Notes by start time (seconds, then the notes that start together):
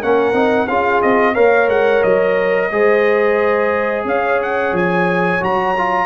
0.00 A#3 C#4 A#4 F#5
0.33 C4 D#4
0.67 C#4 F4 G#4 F5
1.02 C4 D#5
1.33 A#3 A#4 C#5 F5
1.68 G#3 F#5
2.03 F#3 D#5
2.71 G#3 G#4 C5
4.04 C#4 C#5 F5
4.42 F#5
4.72 F3 G#5
5.41 F#3 F#4 A#5
5.77 F4